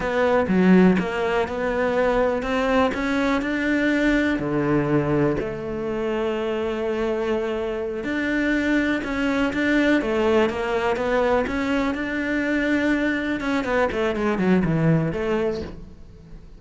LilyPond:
\new Staff \with { instrumentName = "cello" } { \time 4/4 \tempo 4 = 123 b4 fis4 ais4 b4~ | b4 c'4 cis'4 d'4~ | d'4 d2 a4~ | a1~ |
a8 d'2 cis'4 d'8~ | d'8 a4 ais4 b4 cis'8~ | cis'8 d'2. cis'8 | b8 a8 gis8 fis8 e4 a4 | }